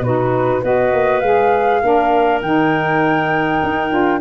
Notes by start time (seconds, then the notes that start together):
0.00 B2 D#4 F#4 B4
0.61 B3 F#4 B4 D#5
0.92 A#3
1.20 G#3 G#4 F5
1.82 A#3 D4 A#4
2.41 D#3 D#4 G5
3.63 D#4
3.89 D4 F4